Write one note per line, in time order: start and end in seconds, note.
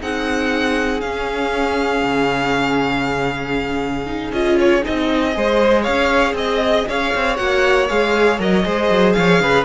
0.00 1.02 C4
0.00 1.02 D#4
0.00 5.34 G#4
0.00 1.01 F#5
1.01 4.06 C#4
1.01 2.03 C#4
1.01 4.31 F5
2.03 4.31 C#3
4.06 4.32 D#4
4.31 4.82 C#4
4.31 4.82 F4
4.31 4.59 D#5
4.59 4.85 C#5
4.82 5.37 C4
4.82 5.33 D#4
4.82 5.83 D#5
5.34 5.87 G#3
5.34 7.36 G#4
5.34 5.83 C5
5.83 6.33 C#4
5.83 6.33 C#5
5.83 6.34 F5
6.33 6.84 C4
6.33 6.88 D#5
6.33 6.89 D#5
6.88 7.14 C#4
6.88 8.65 C#5
6.88 7.37 F5
7.15 7.39 C4
7.36 7.90 A#3
7.36 7.87 F#4
7.36 7.88 F#5
7.89 8.40 G#3
7.89 8.40 G#4
7.89 8.39 F5
8.40 8.65 F#3
8.40 8.63 A#4
8.40 9.13 D#5
8.63 8.90 G#3
8.63 9.65 G#4
8.63 9.16 C5
8.90 9.15 F#3
9.13 9.40 F3
9.13 9.42 C#5
9.13 9.64 F5
9.40 9.65 C#3
9.40 9.65 B4